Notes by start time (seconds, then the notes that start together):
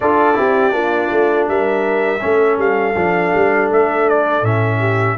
0.00 D4 F4 A4 D5
0.34 C4 E4 G4
0.71 A#3 D4 F4
1.11 A3
1.48 G3 A#4 E5
2.20 A3 C#4 A4
2.58 G3 F5
2.95 F3 D4
3.34 G3
3.70 A3 E5
4.09 D5
4.42 A2 C#4 E5
4.79 G4